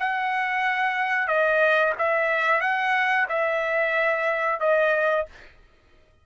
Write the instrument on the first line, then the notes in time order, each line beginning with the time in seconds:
trumpet
0.00 F#5
1.28 D#5
1.99 E5
2.61 F#5
3.29 E5
4.61 D#5